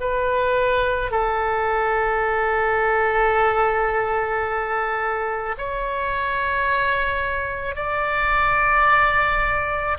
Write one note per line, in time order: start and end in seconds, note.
0.00 1.11 B4
1.11 5.55 A4
5.58 7.75 C#5
7.75 9.97 D5